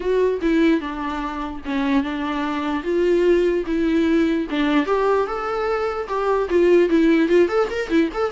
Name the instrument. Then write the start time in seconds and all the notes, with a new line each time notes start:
viola
0.00 F#4
0.41 E4
0.80 D4
1.65 C#4
2.03 D4
2.83 F4
3.66 E4
4.49 D4
4.86 G4
5.26 A4
6.07 G4
6.49 F4
6.89 E4
7.28 F4
7.48 A4
7.70 A#4
7.89 E4
8.13 A4